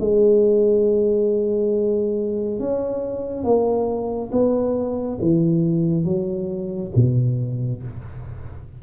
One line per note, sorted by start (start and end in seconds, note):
0.00 2.60 G#3
2.60 3.44 C#4
3.44 4.31 A#3
4.32 5.19 B3
5.21 6.05 E3
6.05 6.92 F#3
6.96 7.83 B2